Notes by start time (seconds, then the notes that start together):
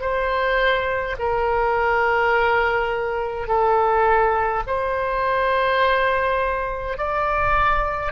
0.00 C5
1.19 A#4
3.47 A4
4.67 C5
6.97 D5